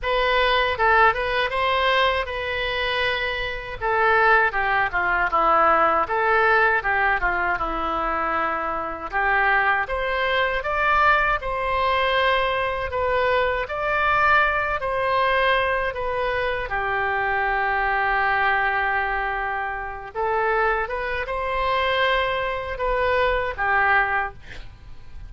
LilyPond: \new Staff \with { instrumentName = "oboe" } { \time 4/4 \tempo 4 = 79 b'4 a'8 b'8 c''4 b'4~ | b'4 a'4 g'8 f'8 e'4 | a'4 g'8 f'8 e'2 | g'4 c''4 d''4 c''4~ |
c''4 b'4 d''4. c''8~ | c''4 b'4 g'2~ | g'2~ g'8 a'4 b'8 | c''2 b'4 g'4 | }